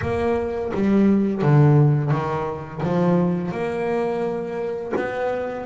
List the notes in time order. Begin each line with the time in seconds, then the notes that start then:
0.01 A#3
0.73 G3
1.42 D3
2.10 D#3
2.83 F3
3.51 A#3
4.96 B3